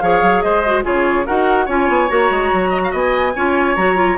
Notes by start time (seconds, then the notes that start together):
0.00 F3 G#4 C#5 F5
0.22 F#3
0.42 G#3 C5 D#5
0.66 F#4
0.83 C#3 F4 G#4 C#5
1.26 D#4 F#4 A#4 F#5
1.65 C#4 F4 C#5 G#5
1.88 B3
2.08 A#3 F#4 A#5
2.30 G#3
2.53 F#3
2.70 D#5
2.84 F5
2.91 B3 D#5 G#5
3.36 C#4 F4 C#5
3.76 F#3 F#4 A#5
3.96 F4